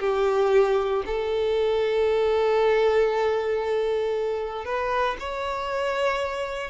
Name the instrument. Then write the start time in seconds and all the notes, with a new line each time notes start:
violin
0.00 G4
1.06 A4
4.65 B4
5.20 C#5